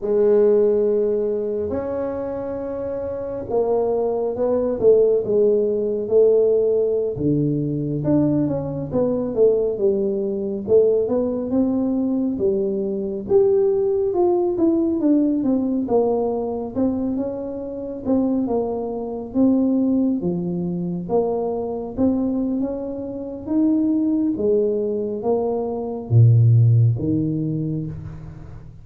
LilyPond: \new Staff \with { instrumentName = "tuba" } { \time 4/4 \tempo 4 = 69 gis2 cis'2 | ais4 b8 a8 gis4 a4~ | a16 d4 d'8 cis'8 b8 a8 g8.~ | g16 a8 b8 c'4 g4 g'8.~ |
g'16 f'8 e'8 d'8 c'8 ais4 c'8 cis'16~ | cis'8. c'8 ais4 c'4 f8.~ | f16 ais4 c'8. cis'4 dis'4 | gis4 ais4 ais,4 dis4 | }